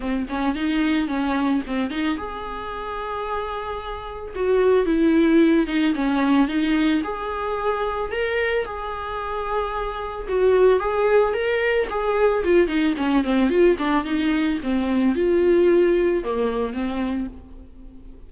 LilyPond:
\new Staff \with { instrumentName = "viola" } { \time 4/4 \tempo 4 = 111 c'8 cis'8 dis'4 cis'4 c'8 dis'8 | gis'1 | fis'4 e'4. dis'8 cis'4 | dis'4 gis'2 ais'4 |
gis'2. fis'4 | gis'4 ais'4 gis'4 f'8 dis'8 | cis'8 c'8 f'8 d'8 dis'4 c'4 | f'2 ais4 c'4 | }